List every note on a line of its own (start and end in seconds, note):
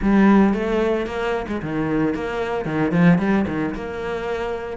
0.02 0.53 G3
0.53 1.06 A3
1.06 1.46 A#3
1.48 1.61 G#3
1.62 2.14 D#3
2.14 2.65 A#3
2.65 2.91 D#3
2.91 3.18 F3
3.18 3.45 G3
3.47 3.74 D#3
3.74 4.77 A#3